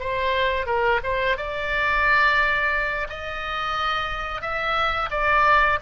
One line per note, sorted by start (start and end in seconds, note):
0.00 0.66 C5
0.66 1.00 A#4
1.04 1.37 C5
1.37 3.07 D5
3.09 4.41 D#5
4.41 5.10 E5
5.10 5.79 D5